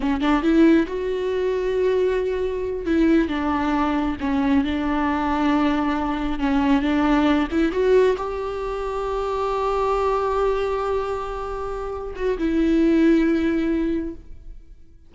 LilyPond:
\new Staff \with { instrumentName = "viola" } { \time 4/4 \tempo 4 = 136 cis'8 d'8 e'4 fis'2~ | fis'2~ fis'8 e'4 d'8~ | d'4. cis'4 d'4.~ | d'2~ d'8 cis'4 d'8~ |
d'4 e'8 fis'4 g'4.~ | g'1~ | g'2.~ g'8 fis'8 | e'1 | }